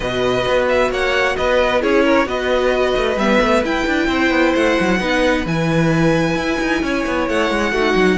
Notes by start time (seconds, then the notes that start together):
0.00 B2 F#4 B4 D#5
0.47 B3
0.68 E5
0.90 A#3 C#5 F#5
1.36 B3 B4 D#5
1.80 C#4 E4 G#4 C#5
2.03 A#4
2.26 B3 F#4 B4 D#5
2.96 A3
3.16 G3 B3 E5
3.40 A3
3.63 E4 G5
3.86 D4
4.07 C4 C5
4.30 B3
4.55 A3 F#5
4.80 F#3
4.99 B3 D#4 B4
5.45 E3 E4 G#5
6.35 E4
6.61 D#4
6.82 C#4 C#5
7.06 B3
7.29 A3 F#5
7.50 G#3
7.71 A3 D#4 F#4
7.95 F#3